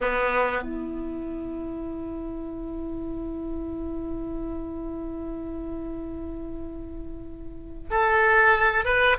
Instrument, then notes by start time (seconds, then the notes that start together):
oboe
0.01 B3
0.63 E4
7.90 A4
8.84 B4